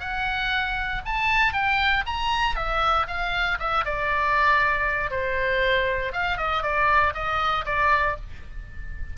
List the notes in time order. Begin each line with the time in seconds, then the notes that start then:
0.00 F#5
1.06 A5
1.53 G5
2.06 A#5
2.56 E5
3.07 F5
3.59 E5
3.85 D5
5.11 C5
6.13 F5
6.38 D#5
6.63 D5
7.14 D#5
7.65 D5